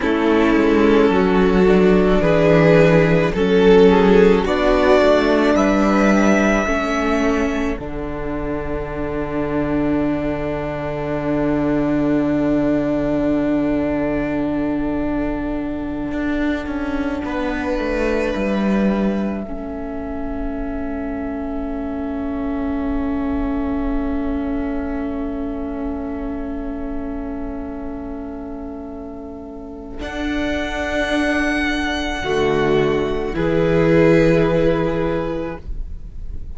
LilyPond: <<
  \new Staff \with { instrumentName = "violin" } { \time 4/4 \tempo 4 = 54 a'2 b'4 a'4 | d''4 e''2 fis''4~ | fis''1~ | fis''1~ |
fis''8 e''2.~ e''8~ | e''1~ | e''2. fis''4~ | fis''2 b'2 | }
  \new Staff \with { instrumentName = "violin" } { \time 4/4 e'4 fis'4 gis'4 a'8 gis'8 | fis'4 b'4 a'2~ | a'1~ | a'2.~ a'8 b'8~ |
b'4. a'2~ a'8~ | a'1~ | a'1~ | a'4 fis'4 gis'2 | }
  \new Staff \with { instrumentName = "viola" } { \time 4/4 cis'4. d'4. cis'4 | d'2 cis'4 d'4~ | d'1~ | d'1~ |
d'4. cis'2~ cis'8~ | cis'1~ | cis'2. d'4~ | d'4 a4 e'2 | }
  \new Staff \with { instrumentName = "cello" } { \time 4/4 a8 gis8 fis4 e4 fis4 | b8 a8 g4 a4 d4~ | d1~ | d2~ d8 d'8 cis'8 b8 |
a8 g4 a2~ a8~ | a1~ | a2. d'4~ | d'4 d4 e2 | }
>>